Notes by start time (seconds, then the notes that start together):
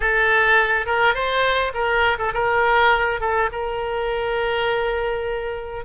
0.00 A4
0.86 A#4
1.14 C5
1.74 A#4
2.18 A4
2.33 A#4
3.20 A4
3.52 A#4